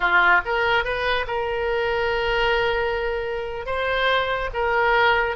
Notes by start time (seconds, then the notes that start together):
0.00 F4
0.45 A#4
0.84 B4
1.27 A#4
3.66 C5
4.53 A#4